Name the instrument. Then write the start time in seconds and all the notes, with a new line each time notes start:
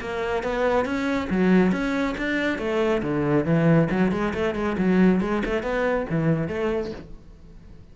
cello
0.00 A#3
0.43 B3
0.85 C#4
1.30 F#3
1.72 C#4
2.17 D4
2.58 A3
3.02 D3
3.45 E3
3.90 F#3
4.11 G#3
4.33 A3
4.54 G#3
4.78 F#3
5.21 G#3
5.45 A3
5.62 B3
6.09 E3
6.47 A3